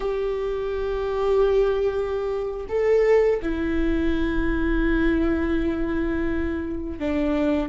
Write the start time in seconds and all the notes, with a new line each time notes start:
0.00 G4
2.69 A4
3.42 E4
6.99 D4